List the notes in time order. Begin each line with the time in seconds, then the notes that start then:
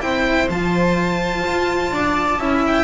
0.00 C4 E4 C5 G5
0.49 F3 F4 A5
1.44 F4
1.91 D4 D5
2.38 C#4 E4 E5
2.66 G5